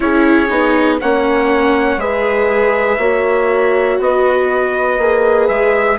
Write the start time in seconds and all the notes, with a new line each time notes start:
0.00 C#4 E4 G#4 C#5
0.49 B3 D#4
1.00 A#3 C#4 C#5 F#5
1.96 G#3 G#4 B4 E5
2.98 A#3 F#4 C#5
3.99 B3 B4 D#5
4.98 A#3 G#4
5.47 G#3 E5